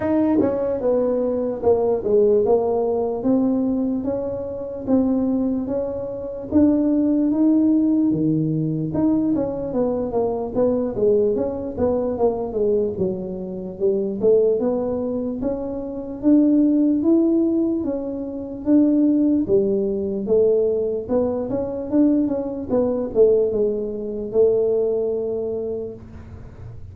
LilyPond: \new Staff \with { instrumentName = "tuba" } { \time 4/4 \tempo 4 = 74 dis'8 cis'8 b4 ais8 gis8 ais4 | c'4 cis'4 c'4 cis'4 | d'4 dis'4 dis4 dis'8 cis'8 | b8 ais8 b8 gis8 cis'8 b8 ais8 gis8 |
fis4 g8 a8 b4 cis'4 | d'4 e'4 cis'4 d'4 | g4 a4 b8 cis'8 d'8 cis'8 | b8 a8 gis4 a2 | }